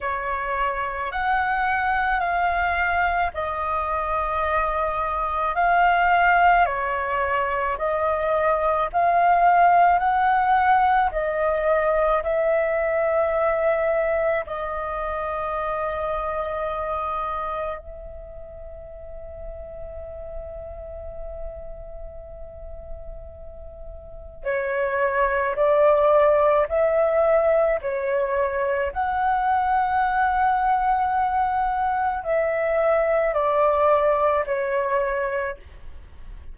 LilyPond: \new Staff \with { instrumentName = "flute" } { \time 4/4 \tempo 4 = 54 cis''4 fis''4 f''4 dis''4~ | dis''4 f''4 cis''4 dis''4 | f''4 fis''4 dis''4 e''4~ | e''4 dis''2. |
e''1~ | e''2 cis''4 d''4 | e''4 cis''4 fis''2~ | fis''4 e''4 d''4 cis''4 | }